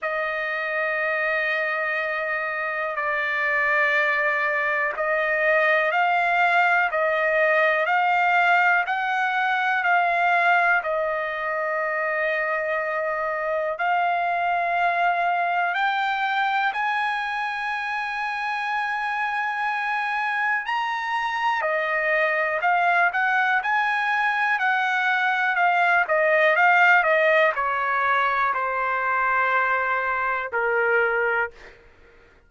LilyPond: \new Staff \with { instrumentName = "trumpet" } { \time 4/4 \tempo 4 = 61 dis''2. d''4~ | d''4 dis''4 f''4 dis''4 | f''4 fis''4 f''4 dis''4~ | dis''2 f''2 |
g''4 gis''2.~ | gis''4 ais''4 dis''4 f''8 fis''8 | gis''4 fis''4 f''8 dis''8 f''8 dis''8 | cis''4 c''2 ais'4 | }